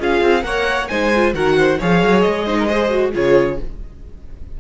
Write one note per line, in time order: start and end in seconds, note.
0.00 0.22 C#4
0.00 0.43 F4
0.00 0.45 G#4
0.00 0.44 F5
0.22 0.44 C4
0.43 0.89 A#3
0.43 0.87 A#4
0.43 0.90 C#5
0.43 0.88 F#5
0.88 1.34 G#3
0.88 1.13 D#4
0.88 1.35 C5
0.88 1.33 G#5
1.15 1.34 F4
1.34 1.79 D#3
1.34 1.79 F#4
1.34 1.57 A#4
1.34 1.80 F#5
1.57 1.79 C5
1.79 2.03 F3
1.79 2.47 G#4
1.79 2.46 C#5
1.79 2.21 F5
2.03 2.25 F#3
2.21 3.15 G#3
2.21 3.11 D#5
2.46 2.69 D#4
2.46 2.57 C5
2.59 2.67 A#4
2.67 2.90 G#4
2.67 3.11 C5
2.90 3.13 F#4
3.13 3.60 C#3
3.13 3.58 F4
3.13 3.60 G#4
3.13 3.60 C#5